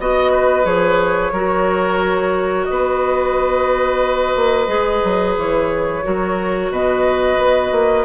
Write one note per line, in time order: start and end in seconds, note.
0.00 0.65 B3
0.00 0.64 F#4
0.00 0.66 D#5
0.00 0.32 D#5
0.32 1.33 B4
0.64 1.33 F3
0.64 1.32 G#4
0.64 2.65 C#5
1.33 2.67 F#3
1.33 4.68 F#4
1.33 2.68 A#4
2.65 4.36 B3
2.65 5.35 D#5
2.71 6.06 B4
4.36 4.68 A#3
4.68 5.02 G#3
4.68 6.03 G#4
5.04 5.38 F#3
5.38 6.05 E3
5.38 6.72 C#5
6.04 6.71 F#3
6.04 8.06 F#4
6.04 6.72 A#4
6.71 7.38 B2
6.71 8.06 B4
6.71 8.06 D#5
7.38 7.72 B3
7.72 8.06 A#3